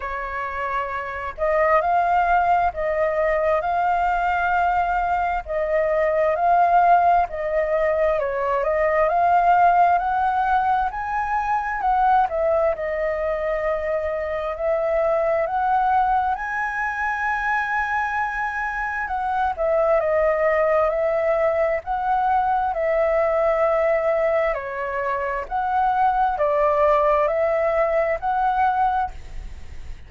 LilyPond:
\new Staff \with { instrumentName = "flute" } { \time 4/4 \tempo 4 = 66 cis''4. dis''8 f''4 dis''4 | f''2 dis''4 f''4 | dis''4 cis''8 dis''8 f''4 fis''4 | gis''4 fis''8 e''8 dis''2 |
e''4 fis''4 gis''2~ | gis''4 fis''8 e''8 dis''4 e''4 | fis''4 e''2 cis''4 | fis''4 d''4 e''4 fis''4 | }